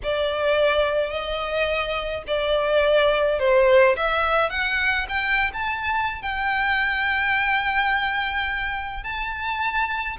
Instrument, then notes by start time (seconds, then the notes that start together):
violin
0.03 D5
1.09 D#5
2.27 D5
3.39 C5
3.96 E5
4.49 F#5
5.08 G5
5.53 A5
6.22 G5
9.03 A5